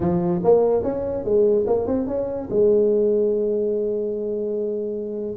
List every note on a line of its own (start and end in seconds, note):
0.00 0.41 F3
0.43 0.83 A#3
0.83 1.24 C#4
1.24 1.65 G#3
1.66 1.86 A#3
1.86 2.07 C4
2.07 2.48 C#4
2.50 5.36 G#3